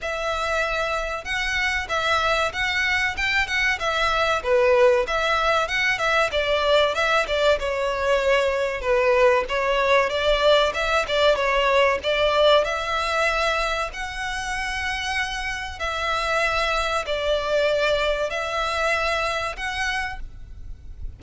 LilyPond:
\new Staff \with { instrumentName = "violin" } { \time 4/4 \tempo 4 = 95 e''2 fis''4 e''4 | fis''4 g''8 fis''8 e''4 b'4 | e''4 fis''8 e''8 d''4 e''8 d''8 | cis''2 b'4 cis''4 |
d''4 e''8 d''8 cis''4 d''4 | e''2 fis''2~ | fis''4 e''2 d''4~ | d''4 e''2 fis''4 | }